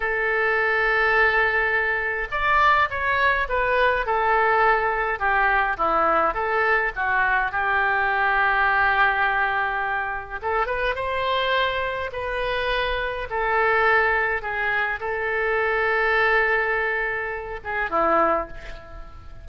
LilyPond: \new Staff \with { instrumentName = "oboe" } { \time 4/4 \tempo 4 = 104 a'1 | d''4 cis''4 b'4 a'4~ | a'4 g'4 e'4 a'4 | fis'4 g'2.~ |
g'2 a'8 b'8 c''4~ | c''4 b'2 a'4~ | a'4 gis'4 a'2~ | a'2~ a'8 gis'8 e'4 | }